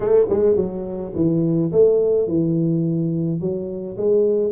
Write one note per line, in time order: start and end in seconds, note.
0.00 0.26 A3
0.29 0.56 G#3
0.56 1.12 F#3
1.15 1.71 E3
1.72 2.27 A3
2.27 3.40 E3
3.40 3.96 F#3
3.97 4.51 G#3